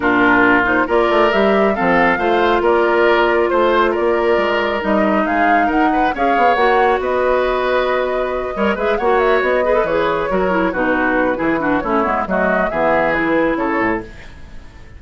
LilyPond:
<<
  \new Staff \with { instrumentName = "flute" } { \time 4/4 \tempo 4 = 137 ais'4. c''8 d''4 e''4 | f''2 d''2 | c''4 d''2 dis''4 | f''4 fis''4 f''4 fis''4 |
dis''1 | e''8 fis''8 e''8 dis''4 cis''4.~ | cis''8 b'2~ b'8 cis''4 | dis''4 e''4 b'4 cis''4 | }
  \new Staff \with { instrumentName = "oboe" } { \time 4/4 f'2 ais'2 | a'4 c''4 ais'2 | c''4 ais'2. | gis'4 ais'8 b'8 cis''2 |
b'2.~ b'8 cis''8 | b'8 cis''4. b'4. ais'8~ | ais'8 fis'4. gis'8 fis'8 e'4 | fis'4 gis'2 a'4 | }
  \new Staff \with { instrumentName = "clarinet" } { \time 4/4 d'4. dis'8 f'4 g'4 | c'4 f'2.~ | f'2. dis'4~ | dis'2 gis'4 fis'4~ |
fis'2.~ fis'8 ais'8 | gis'8 fis'4. gis'16 a'16 gis'4 fis'8 | e'8 dis'4. e'8 d'8 cis'8 b8 | a4 b4 e'2 | }
  \new Staff \with { instrumentName = "bassoon" } { \time 4/4 ais,2 ais8 a8 g4 | f4 a4 ais2 | a4 ais4 gis4 g4 | gis4 dis'4 cis'8 b8 ais4 |
b2.~ b8 g8 | gis8 ais4 b4 e4 fis8~ | fis8 b,4. e4 a8 gis8 | fis4 e2 cis8 a,8 | }
>>